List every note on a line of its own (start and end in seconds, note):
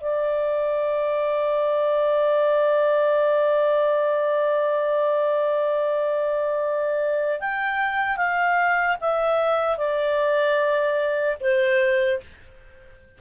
0.00 7.40 D5
7.40 8.16 G5
8.16 8.96 F5
9.01 9.77 E5
9.77 11.37 D5
11.40 12.20 C5